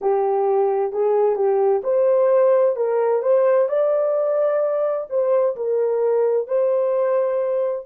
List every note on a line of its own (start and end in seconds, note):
0.01 0.92 G4
0.92 1.35 G#4
1.35 1.81 G4
1.83 2.76 C5
2.76 3.22 A#4
3.22 3.68 C5
3.68 5.07 D5
5.09 5.55 C5
5.56 6.47 A#4
6.47 7.85 C5